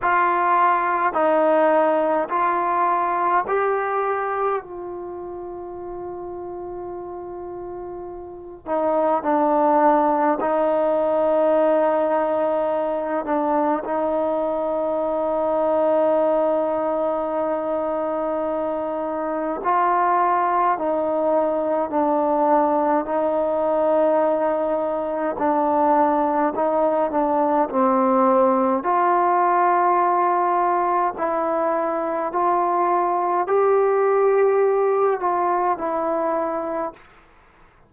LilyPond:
\new Staff \with { instrumentName = "trombone" } { \time 4/4 \tempo 4 = 52 f'4 dis'4 f'4 g'4 | f'2.~ f'8 dis'8 | d'4 dis'2~ dis'8 d'8 | dis'1~ |
dis'4 f'4 dis'4 d'4 | dis'2 d'4 dis'8 d'8 | c'4 f'2 e'4 | f'4 g'4. f'8 e'4 | }